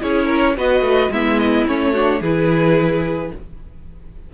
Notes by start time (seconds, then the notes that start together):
0.00 C#4 E4 G#4 C#5
0.26 A#4
0.57 B3 F#4 B4 D#5
0.81 A3
1.10 G#3 B3 E4 E5
1.39 D#5
1.67 A3 C#4 C#5
1.92 D4 F#4
2.21 E3 E4 G#4 B4